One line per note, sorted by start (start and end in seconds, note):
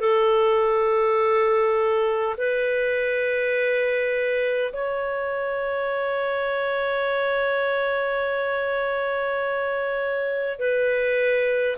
0.00 2.35 A4
2.37 4.72 B4
4.73 10.59 C#5
10.59 11.76 B4